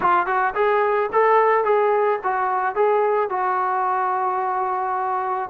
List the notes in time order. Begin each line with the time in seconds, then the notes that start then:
0.00 F4
0.26 F#4
0.55 G#4
1.12 A4
1.64 G#4
2.23 F#4
2.75 G#4
3.29 F#4